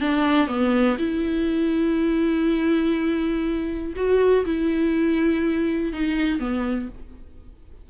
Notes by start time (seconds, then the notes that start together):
0.00 D4
0.47 B3
0.98 E4
3.95 F#4
4.45 E4
5.92 D#4
6.39 B3